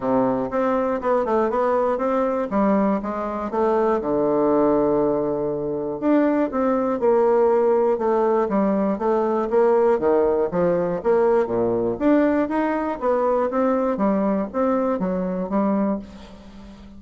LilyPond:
\new Staff \with { instrumentName = "bassoon" } { \time 4/4 \tempo 4 = 120 c4 c'4 b8 a8 b4 | c'4 g4 gis4 a4 | d1 | d'4 c'4 ais2 |
a4 g4 a4 ais4 | dis4 f4 ais4 ais,4 | d'4 dis'4 b4 c'4 | g4 c'4 fis4 g4 | }